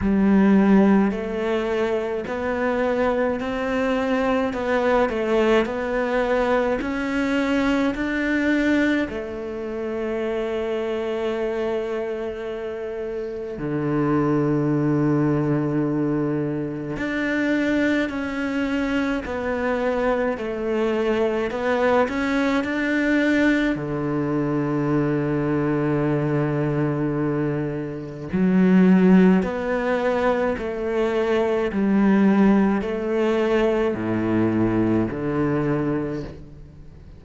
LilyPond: \new Staff \with { instrumentName = "cello" } { \time 4/4 \tempo 4 = 53 g4 a4 b4 c'4 | b8 a8 b4 cis'4 d'4 | a1 | d2. d'4 |
cis'4 b4 a4 b8 cis'8 | d'4 d2.~ | d4 fis4 b4 a4 | g4 a4 a,4 d4 | }